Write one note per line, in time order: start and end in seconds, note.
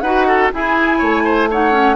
0.00 0.50 D#4
0.00 0.52 F#4
0.00 0.26 B4
0.00 0.49 F#5
0.27 0.51 A4
0.52 1.49 E4
0.52 1.01 E4
0.52 0.98 G#4
0.52 1.50 G#5
0.98 1.96 A3
0.98 1.23 C#5
1.24 1.49 C5
1.50 1.71 D#4
1.50 1.96 C#5
1.50 1.96 F#5
1.71 1.95 C#4